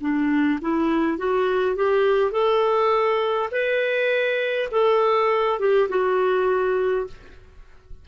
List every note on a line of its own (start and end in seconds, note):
0.00 0.59 D4
0.61 1.18 E4
1.18 1.76 F#4
1.76 2.32 G4
2.32 3.49 A4
3.51 4.68 B4
4.71 5.59 A4
5.59 5.88 G4
5.89 7.06 F#4